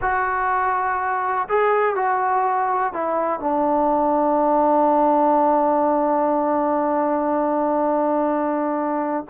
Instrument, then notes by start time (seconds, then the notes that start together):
trombone
0.01 F#4
1.49 G#4
1.95 F#4
2.93 E4
3.39 D4